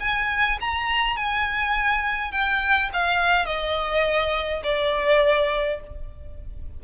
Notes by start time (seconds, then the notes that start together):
0.00 G#5
0.60 A#5
1.16 G#5
2.31 G5
2.93 F5
3.45 D#5
4.63 D5